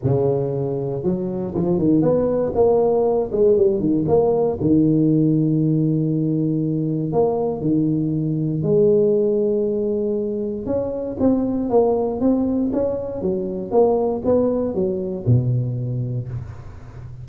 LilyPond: \new Staff \with { instrumentName = "tuba" } { \time 4/4 \tempo 4 = 118 cis2 fis4 f8 dis8 | b4 ais4. gis8 g8 dis8 | ais4 dis2.~ | dis2 ais4 dis4~ |
dis4 gis2.~ | gis4 cis'4 c'4 ais4 | c'4 cis'4 fis4 ais4 | b4 fis4 b,2 | }